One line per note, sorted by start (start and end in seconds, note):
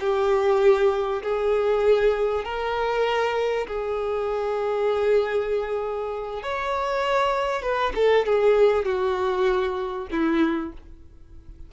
0.00 1.22 G4
1.23 2.44 G#4
2.44 3.67 A#4
3.67 6.43 G#4
6.43 7.62 C#5
7.62 7.93 B4
7.95 8.26 A4
8.26 8.85 G#4
8.85 10.07 F#4
10.11 10.73 E4